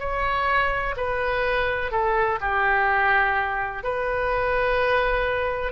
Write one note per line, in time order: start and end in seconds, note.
0.00 0.95 C#5
0.97 1.92 B4
1.92 2.39 A4
2.41 3.84 G4
3.84 5.73 B4